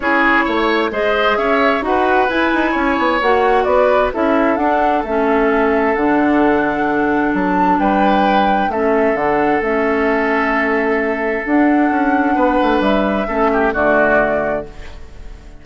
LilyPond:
<<
  \new Staff \with { instrumentName = "flute" } { \time 4/4 \tempo 4 = 131 cis''2 dis''4 e''4 | fis''4 gis''2 fis''4 | d''4 e''4 fis''4 e''4~ | e''4 fis''2. |
a''4 g''2 e''4 | fis''4 e''2.~ | e''4 fis''2. | e''2 d''2 | }
  \new Staff \with { instrumentName = "oboe" } { \time 4/4 gis'4 cis''4 c''4 cis''4 | b'2 cis''2 | b'4 a'2.~ | a'1~ |
a'4 b'2 a'4~ | a'1~ | a'2. b'4~ | b'4 a'8 g'8 fis'2 | }
  \new Staff \with { instrumentName = "clarinet" } { \time 4/4 e'2 gis'2 | fis'4 e'2 fis'4~ | fis'4 e'4 d'4 cis'4~ | cis'4 d'2.~ |
d'2. cis'4 | d'4 cis'2.~ | cis'4 d'2.~ | d'4 cis'4 a2 | }
  \new Staff \with { instrumentName = "bassoon" } { \time 4/4 cis'4 a4 gis4 cis'4 | dis'4 e'8 dis'8 cis'8 b8 ais4 | b4 cis'4 d'4 a4~ | a4 d2. |
fis4 g2 a4 | d4 a2.~ | a4 d'4 cis'4 b8 a8 | g4 a4 d2 | }
>>